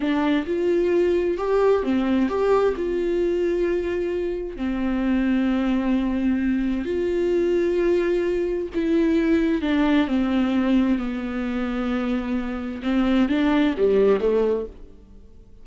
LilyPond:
\new Staff \with { instrumentName = "viola" } { \time 4/4 \tempo 4 = 131 d'4 f'2 g'4 | c'4 g'4 f'2~ | f'2 c'2~ | c'2. f'4~ |
f'2. e'4~ | e'4 d'4 c'2 | b1 | c'4 d'4 g4 a4 | }